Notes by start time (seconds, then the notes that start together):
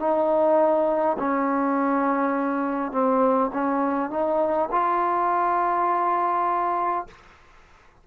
0.00 D#4
1.19 C#4
2.92 C4
3.53 C#4
4.10 D#4
4.72 F4